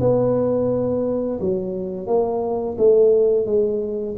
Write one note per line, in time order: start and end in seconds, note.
0.00 1.40 B3
1.40 2.06 F#3
2.06 2.76 A#3
2.78 3.46 A3
3.46 4.15 G#3